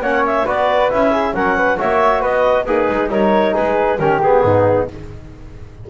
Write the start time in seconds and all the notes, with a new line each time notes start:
0.00 A#3 C#4 C#5 F#5
0.26 E5
0.45 B3 F#4 B4 D5
0.89 C#4 E4 E5
1.11 G#4
1.34 F#3 C#4 A#4 F#5
1.57 B4
1.77 A#3 F#4 C#5 E5
2.20 B3 B4 D#5
2.64 A#3 D#4 G#4 B4
2.89 G#3
3.08 G3 D#4 A#4 C#5
3.54 G#3 G#4 B4
3.98 D#3 C#4 G4 A#4
4.21 B3 G#4
4.43 G#2 D#4